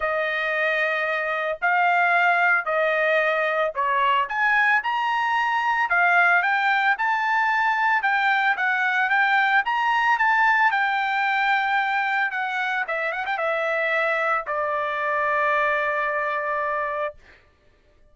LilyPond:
\new Staff \with { instrumentName = "trumpet" } { \time 4/4 \tempo 4 = 112 dis''2. f''4~ | f''4 dis''2 cis''4 | gis''4 ais''2 f''4 | g''4 a''2 g''4 |
fis''4 g''4 ais''4 a''4 | g''2. fis''4 | e''8 fis''16 g''16 e''2 d''4~ | d''1 | }